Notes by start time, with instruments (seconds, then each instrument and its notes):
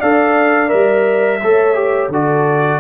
0.00 tuba D4, trombone A4, horn D5, trumpet F5
0.69 tuba G3, trombone A#4, trumpet E5
1.42 tuba A3, trombone A4, horn C#5
1.75 trombone G4
2.09 tuba D3, trombone F#4, horn A4, trumpet D5